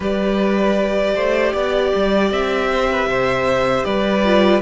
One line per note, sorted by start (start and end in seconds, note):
0.00 1.15 G3
0.00 4.23 G4
0.00 1.14 B4
0.00 2.32 D5
1.14 1.53 A3
1.14 1.52 C5
1.52 1.92 B3
1.52 2.68 D5
1.95 2.31 G3
2.31 3.06 C4
2.31 3.84 E5
2.71 2.90 C5
2.90 3.08 B4
3.06 3.83 C3
3.06 3.85 C5
3.84 4.61 G3
3.84 4.61 B4
3.84 4.61 D5
4.24 4.61 F4